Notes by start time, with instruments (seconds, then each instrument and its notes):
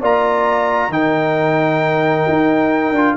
0.00 tuba A#3, trombone F4, horn D5, trumpet A#5
0.89 tuba D#3, trombone D#4, horn A#4, trumpet G5
2.28 tuba D#4
2.92 tuba D4, trombone F4